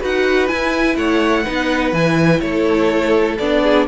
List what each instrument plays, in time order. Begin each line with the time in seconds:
0.00 cello D#4, viola F#4, violin B4 F#5
0.48 viola E4, cello E4, violin G#5
0.96 cello A3, violin C#5 F#5
1.43 cello B3, viola D#4, violin B4
1.92 cello E3, viola E4, violin G#5
2.40 cello A3, violin A4 C#5
3.38 cello B3, viola D4, violin D5
3.63 violin G#4